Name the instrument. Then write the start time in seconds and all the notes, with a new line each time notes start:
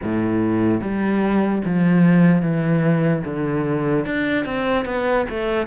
cello
0.02 A2
0.80 G3
1.64 F3
2.42 E3
3.24 D3
4.05 D4
4.45 C4
4.85 B3
5.29 A3